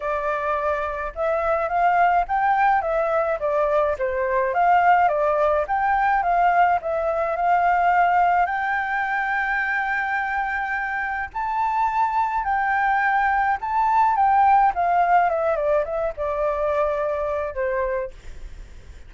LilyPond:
\new Staff \with { instrumentName = "flute" } { \time 4/4 \tempo 4 = 106 d''2 e''4 f''4 | g''4 e''4 d''4 c''4 | f''4 d''4 g''4 f''4 | e''4 f''2 g''4~ |
g''1 | a''2 g''2 | a''4 g''4 f''4 e''8 d''8 | e''8 d''2~ d''8 c''4 | }